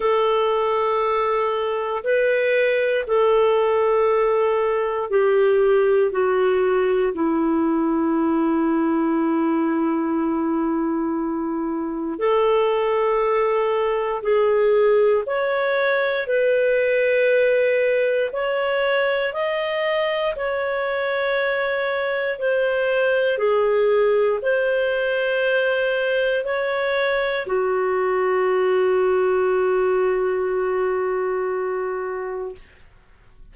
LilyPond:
\new Staff \with { instrumentName = "clarinet" } { \time 4/4 \tempo 4 = 59 a'2 b'4 a'4~ | a'4 g'4 fis'4 e'4~ | e'1 | a'2 gis'4 cis''4 |
b'2 cis''4 dis''4 | cis''2 c''4 gis'4 | c''2 cis''4 fis'4~ | fis'1 | }